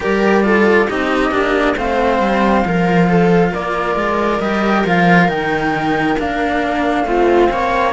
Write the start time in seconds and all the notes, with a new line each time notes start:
0.00 G3 G4 A#4 D5
0.44 F4 A4
0.87 C4 D#4 G4 D#5
1.31 A#3 D4
1.76 A3 C4 C5 F5
2.19 G3
2.64 F3 F4 A#4
3.08 A4
3.50 A#3 A#4 D5
3.95 G#3
4.40 G3 G4 D#5
4.85 F3 F4 F5
5.28 D#3 D#4 G5
6.19 A#3 D4 F5
7.04 A3 C4 F4
7.51 A#3 C#5